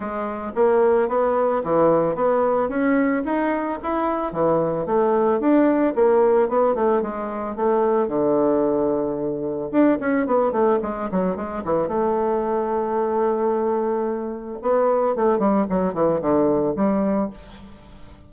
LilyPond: \new Staff \with { instrumentName = "bassoon" } { \time 4/4 \tempo 4 = 111 gis4 ais4 b4 e4 | b4 cis'4 dis'4 e'4 | e4 a4 d'4 ais4 | b8 a8 gis4 a4 d4~ |
d2 d'8 cis'8 b8 a8 | gis8 fis8 gis8 e8 a2~ | a2. b4 | a8 g8 fis8 e8 d4 g4 | }